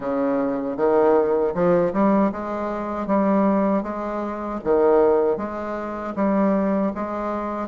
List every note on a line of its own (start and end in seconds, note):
0.00 0.77 C#3
0.77 1.53 D#3
1.54 1.92 F3
1.93 2.31 G3
2.32 3.07 G#3
3.07 3.83 G3
3.83 4.59 G#3
4.64 5.37 D#3
5.37 6.14 G#3
6.15 6.92 G3
6.94 7.67 G#3